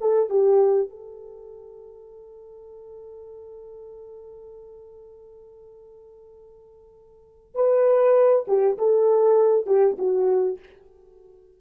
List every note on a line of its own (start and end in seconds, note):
0.00 0.29 A4
0.29 0.90 G4
0.90 7.54 A4
7.54 8.45 B4
8.47 8.77 G4
8.78 9.66 A4
9.66 9.96 G4
9.98 10.59 F#4